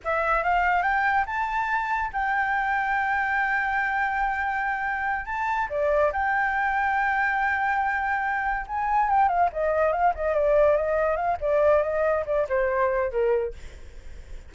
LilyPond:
\new Staff \with { instrumentName = "flute" } { \time 4/4 \tempo 4 = 142 e''4 f''4 g''4 a''4~ | a''4 g''2.~ | g''1~ | g''8 a''4 d''4 g''4.~ |
g''1~ | g''8 gis''4 g''8 f''8 dis''4 f''8 | dis''8 d''4 dis''4 f''8 d''4 | dis''4 d''8 c''4. ais'4 | }